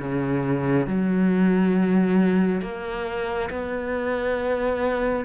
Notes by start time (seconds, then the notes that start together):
0.00 C#3
0.87 F#3
2.62 A#3
3.51 B3